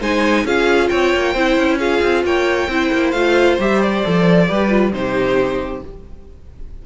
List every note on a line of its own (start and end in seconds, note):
0.00 0.45 G#3
0.00 0.46 D#4
0.00 0.45 C5
0.00 0.47 G#5
0.45 0.89 C#4
0.45 1.35 F4
0.45 0.90 G#4
0.45 0.89 F5
0.89 1.14 C4
0.89 1.33 C#5
0.89 1.78 G5
1.14 1.34 A#3
1.33 1.57 C4
1.33 1.80 E4
1.33 1.78 C5
1.57 2.01 C#4
1.79 2.69 F4
1.79 2.23 G#4
1.79 2.24 F5
2.02 2.24 C4
2.24 2.68 A#3
2.24 2.69 C#5
2.24 3.11 G5
2.68 2.90 C4
2.68 3.15 E4
2.68 4.48 C5
2.93 3.13 A#3
3.11 3.58 A3
3.11 3.60 F4
3.11 3.56 F5
3.59 4.04 G3
3.59 4.04 G4
3.59 3.82 E5
3.82 4.93 D5
4.04 4.50 F3
4.04 4.48 A4
4.48 4.93 G3
4.48 4.69 G4
4.48 4.93 B4
4.69 4.92 F4
4.93 5.82 C3
4.93 5.83 D#4
4.93 5.86 G4
4.93 5.82 C5